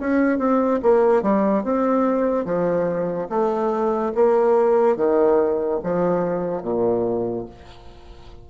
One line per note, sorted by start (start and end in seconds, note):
0.00 0.39 C#4
0.39 0.80 C4
0.83 1.23 A#3
1.23 1.64 G3
1.64 2.45 C4
2.45 3.28 F3
3.30 4.13 A3
4.15 4.97 A#3
4.97 5.80 D#3
5.83 6.62 F3
6.62 7.46 A#2